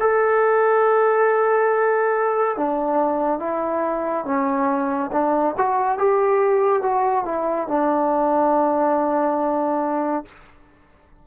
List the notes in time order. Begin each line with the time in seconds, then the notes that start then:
0.00 A4
2.57 D4
3.39 E4
4.25 C#4
5.12 D4
5.58 F#4
5.98 G4
6.82 F#4
7.25 E4
7.68 D4